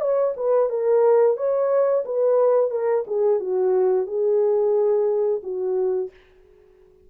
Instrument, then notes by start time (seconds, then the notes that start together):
horn
0.00 C#5
0.36 B4
0.69 A#4
1.36 C#5
2.05 B4
2.70 A#4
3.07 G#4
3.39 F#4
4.06 G#4
5.43 F#4